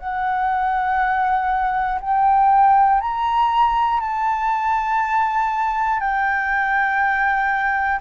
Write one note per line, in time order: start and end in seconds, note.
0.00 2.00 F#5
2.01 3.01 G5
3.01 4.01 A#5
4.01 6.00 A5
6.00 8.00 G5